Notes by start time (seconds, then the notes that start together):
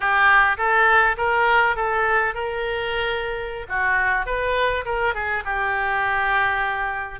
0.00 G4
0.57 A4
1.17 A#4
1.75 A4
2.34 A#4
3.68 F#4
4.26 B4
4.85 A#4
5.14 G#4
5.44 G4